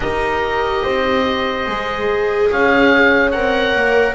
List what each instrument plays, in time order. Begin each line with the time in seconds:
0.00 double bass D#4, viola G4, horn A#4, oboe D#5
0.83 double bass C4, horn C5
1.66 double bass G#3, viola G#4
2.51 double bass C#4, horn C#5, oboe F5
3.31 double bass C4, viola A#4, oboe F#5
3.74 double bass A#3